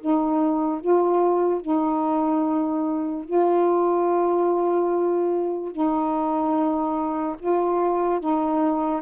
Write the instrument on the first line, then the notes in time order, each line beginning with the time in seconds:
saxophone
0.00 D#4
0.80 F4
1.61 D#4
3.24 F4
5.71 D#4
7.39 F4
8.20 D#4